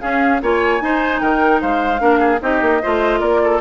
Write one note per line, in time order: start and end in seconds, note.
0.00 0.40 C#4
0.00 0.42 C#4
0.00 0.42 G#4
0.00 0.41 F5
0.42 0.80 A#3
0.42 0.81 F4
0.42 0.83 C#5
0.42 1.20 G#5
0.80 1.20 D#4
0.80 1.99 D#4
0.80 1.21 C5
1.20 1.62 D#3
1.20 1.61 A#4
1.20 1.60 G5
1.61 2.01 G#3
1.61 2.01 C5
1.61 2.41 F5
1.99 2.41 A#3
1.99 2.39 D4
1.99 2.19 A#4
2.19 2.39 G#4
2.41 2.61 C4
2.41 2.81 D#4
2.41 2.82 G4
2.41 3.20 D#5
2.61 2.81 A#3
2.82 3.20 A3
2.82 3.61 F4
2.82 3.20 C5
3.20 3.60 A#3
3.20 3.40 A#4
3.20 3.60 D5
3.43 3.61 A4